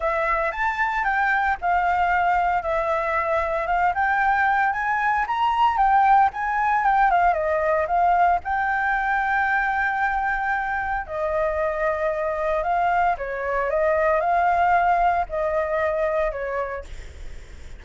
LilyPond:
\new Staff \with { instrumentName = "flute" } { \time 4/4 \tempo 4 = 114 e''4 a''4 g''4 f''4~ | f''4 e''2 f''8 g''8~ | g''4 gis''4 ais''4 g''4 | gis''4 g''8 f''8 dis''4 f''4 |
g''1~ | g''4 dis''2. | f''4 cis''4 dis''4 f''4~ | f''4 dis''2 cis''4 | }